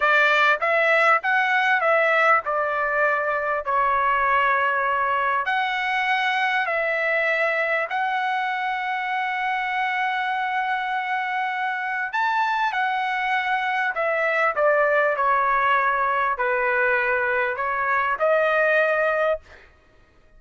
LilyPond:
\new Staff \with { instrumentName = "trumpet" } { \time 4/4 \tempo 4 = 99 d''4 e''4 fis''4 e''4 | d''2 cis''2~ | cis''4 fis''2 e''4~ | e''4 fis''2.~ |
fis''1 | a''4 fis''2 e''4 | d''4 cis''2 b'4~ | b'4 cis''4 dis''2 | }